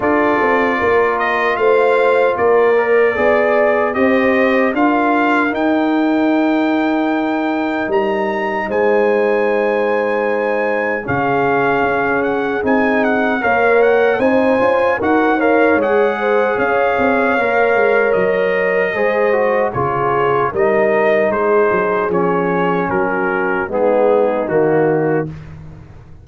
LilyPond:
<<
  \new Staff \with { instrumentName = "trumpet" } { \time 4/4 \tempo 4 = 76 d''4. dis''8 f''4 d''4~ | d''4 dis''4 f''4 g''4~ | g''2 ais''4 gis''4~ | gis''2 f''4. fis''8 |
gis''8 fis''8 f''8 fis''8 gis''4 fis''8 f''8 | fis''4 f''2 dis''4~ | dis''4 cis''4 dis''4 c''4 | cis''4 ais'4 gis'4 fis'4 | }
  \new Staff \with { instrumentName = "horn" } { \time 4/4 a'4 ais'4 c''4 ais'4 | d''4 c''4 ais'2~ | ais'2. c''4~ | c''2 gis'2~ |
gis'4 cis''4 c''4 ais'8 cis''8~ | cis''8 c''8 cis''2. | c''4 gis'4 ais'4 gis'4~ | gis'4 fis'4 dis'2 | }
  \new Staff \with { instrumentName = "trombone" } { \time 4/4 f'2.~ f'8 ais'8 | gis'4 g'4 f'4 dis'4~ | dis'1~ | dis'2 cis'2 |
dis'4 ais'4 dis'8 f'8 fis'8 ais'8 | gis'2 ais'2 | gis'8 fis'8 f'4 dis'2 | cis'2 b4 ais4 | }
  \new Staff \with { instrumentName = "tuba" } { \time 4/4 d'8 c'8 ais4 a4 ais4 | b4 c'4 d'4 dis'4~ | dis'2 g4 gis4~ | gis2 cis4 cis'4 |
c'4 ais4 c'8 cis'8 dis'4 | gis4 cis'8 c'8 ais8 gis8 fis4 | gis4 cis4 g4 gis8 fis8 | f4 fis4 gis4 dis4 | }
>>